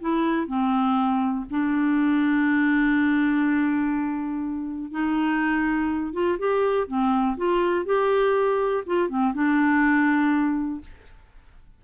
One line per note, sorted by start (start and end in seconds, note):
0.00 0.47 E4
0.47 1.45 C4
1.50 4.90 D4
4.90 6.13 D#4
6.13 6.37 F4
6.38 6.87 G4
6.87 7.36 C4
7.37 7.85 F4
7.85 8.84 G4
8.86 9.08 F4
9.08 9.33 C4
9.33 10.81 D4